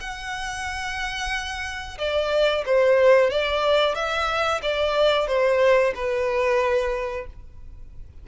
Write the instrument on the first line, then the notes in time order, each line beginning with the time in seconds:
violin
0.00 F#5
1.98 D5
2.66 C5
3.30 D5
3.95 E5
4.62 D5
5.27 C5
5.95 B4